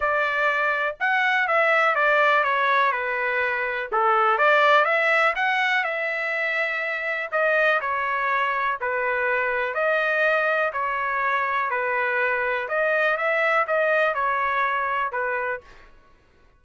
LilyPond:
\new Staff \with { instrumentName = "trumpet" } { \time 4/4 \tempo 4 = 123 d''2 fis''4 e''4 | d''4 cis''4 b'2 | a'4 d''4 e''4 fis''4 | e''2. dis''4 |
cis''2 b'2 | dis''2 cis''2 | b'2 dis''4 e''4 | dis''4 cis''2 b'4 | }